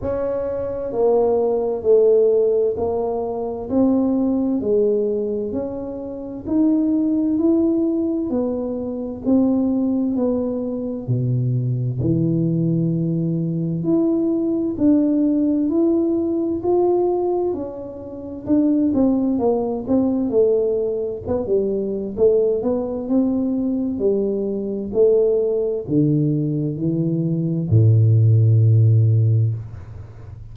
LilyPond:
\new Staff \with { instrumentName = "tuba" } { \time 4/4 \tempo 4 = 65 cis'4 ais4 a4 ais4 | c'4 gis4 cis'4 dis'4 | e'4 b4 c'4 b4 | b,4 e2 e'4 |
d'4 e'4 f'4 cis'4 | d'8 c'8 ais8 c'8 a4 b16 g8. | a8 b8 c'4 g4 a4 | d4 e4 a,2 | }